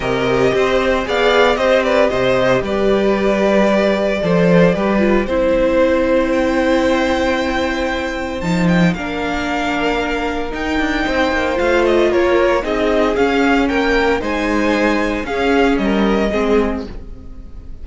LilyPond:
<<
  \new Staff \with { instrumentName = "violin" } { \time 4/4 \tempo 4 = 114 dis''2 f''4 dis''8 d''8 | dis''4 d''2.~ | d''2 c''2 | g''1 |
a''8 g''8 f''2. | g''2 f''8 dis''8 cis''4 | dis''4 f''4 g''4 gis''4~ | gis''4 f''4 dis''2 | }
  \new Staff \with { instrumentName = "violin" } { \time 4/4 ais'4 c''4 d''4 c''8 b'8 | c''4 b'2. | c''4 b'4 c''2~ | c''1~ |
c''4 ais'2.~ | ais'4 c''2 ais'4 | gis'2 ais'4 c''4~ | c''4 gis'4 ais'4 gis'4 | }
  \new Staff \with { instrumentName = "viola" } { \time 4/4 g'2 gis'4 g'4~ | g'1 | a'4 g'8 f'8 e'2~ | e'1 |
dis'4 d'2. | dis'2 f'2 | dis'4 cis'2 dis'4~ | dis'4 cis'2 c'4 | }
  \new Staff \with { instrumentName = "cello" } { \time 4/4 c4 c'4 b4 c'4 | c4 g2. | f4 g4 c'2~ | c'1 |
f4 ais2. | dis'8 d'8 c'8 ais8 a4 ais4 | c'4 cis'4 ais4 gis4~ | gis4 cis'4 g4 gis4 | }
>>